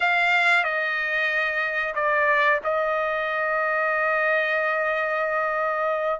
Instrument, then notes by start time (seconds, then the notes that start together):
trumpet
0.00 F5
0.63 D#5
1.94 D5
2.64 D#5